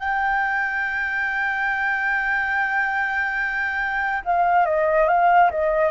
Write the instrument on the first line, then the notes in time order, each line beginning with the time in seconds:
flute
0.00 G5
4.25 F5
4.66 D#5
5.09 F5
5.51 D#5